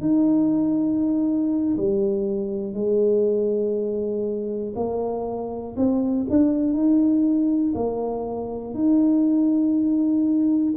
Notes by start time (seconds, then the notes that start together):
0.00 D#4
1.76 G3
2.73 G#3
4.75 A#3
5.76 C4
6.29 D4
6.73 D#4
7.75 A#3
8.74 D#4